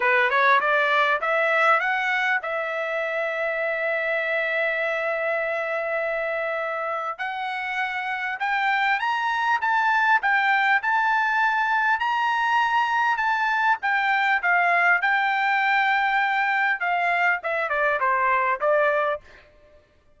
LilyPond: \new Staff \with { instrumentName = "trumpet" } { \time 4/4 \tempo 4 = 100 b'8 cis''8 d''4 e''4 fis''4 | e''1~ | e''1 | fis''2 g''4 ais''4 |
a''4 g''4 a''2 | ais''2 a''4 g''4 | f''4 g''2. | f''4 e''8 d''8 c''4 d''4 | }